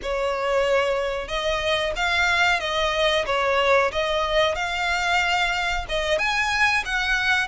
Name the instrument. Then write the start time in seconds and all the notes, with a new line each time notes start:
violin
0.02 C#5
1.28 D#5
1.96 F5
2.60 D#5
3.25 C#5
3.92 D#5
4.55 F5
5.88 D#5
6.18 G#5
6.85 F#5